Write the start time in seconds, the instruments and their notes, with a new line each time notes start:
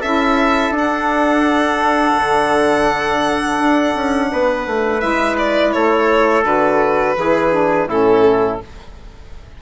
0.00 bassoon C#4, saxophone E4, trumpet A4, violin E5
0.70 bassoon D4, saxophone D4
0.78 violin F#5
2.16 bassoon D3
3.58 bassoon D4
3.95 bassoon C#4
4.32 bassoon B3, trumpet B4
4.66 bassoon A3
4.99 bassoon G#3, saxophone E4, violin E5
5.38 violin D5
5.72 bassoon A3, trumpet A4, violin C#5
6.43 bassoon D3, saxophone F#4, violin B4
7.16 bassoon E3, saxophone E4, trumpet G#4
7.52 saxophone D4
7.87 bassoon A2, saxophone C#4, trumpet E4, violin A4